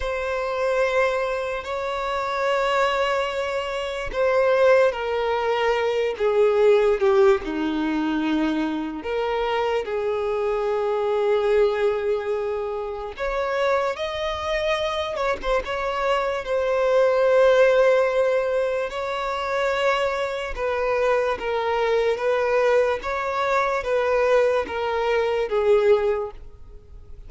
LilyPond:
\new Staff \with { instrumentName = "violin" } { \time 4/4 \tempo 4 = 73 c''2 cis''2~ | cis''4 c''4 ais'4. gis'8~ | gis'8 g'8 dis'2 ais'4 | gis'1 |
cis''4 dis''4. cis''16 c''16 cis''4 | c''2. cis''4~ | cis''4 b'4 ais'4 b'4 | cis''4 b'4 ais'4 gis'4 | }